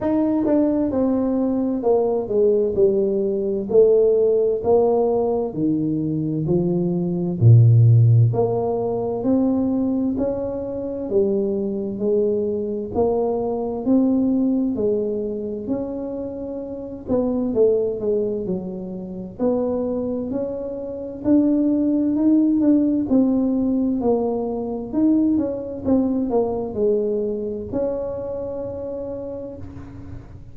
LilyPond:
\new Staff \with { instrumentName = "tuba" } { \time 4/4 \tempo 4 = 65 dis'8 d'8 c'4 ais8 gis8 g4 | a4 ais4 dis4 f4 | ais,4 ais4 c'4 cis'4 | g4 gis4 ais4 c'4 |
gis4 cis'4. b8 a8 gis8 | fis4 b4 cis'4 d'4 | dis'8 d'8 c'4 ais4 dis'8 cis'8 | c'8 ais8 gis4 cis'2 | }